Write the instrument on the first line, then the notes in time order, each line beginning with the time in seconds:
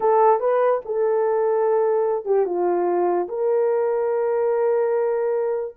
horn
0.00 A4
0.39 B4
0.85 A4
2.25 G4
2.45 F4
3.28 A#4